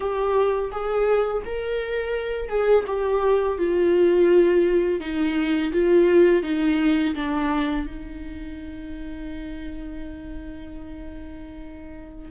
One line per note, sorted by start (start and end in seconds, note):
0.00 0.70 G4
0.71 1.43 G#4
1.45 2.48 A#4
2.48 2.84 G#4
2.86 3.58 G4
3.58 5.00 F4
5.00 5.71 D#4
5.72 6.43 F4
6.43 7.14 D#4
7.15 7.86 D4
7.86 12.31 D#4